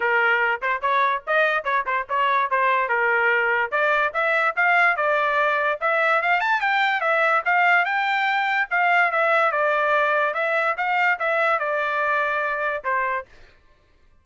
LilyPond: \new Staff \with { instrumentName = "trumpet" } { \time 4/4 \tempo 4 = 145 ais'4. c''8 cis''4 dis''4 | cis''8 c''8 cis''4 c''4 ais'4~ | ais'4 d''4 e''4 f''4 | d''2 e''4 f''8 a''8 |
g''4 e''4 f''4 g''4~ | g''4 f''4 e''4 d''4~ | d''4 e''4 f''4 e''4 | d''2. c''4 | }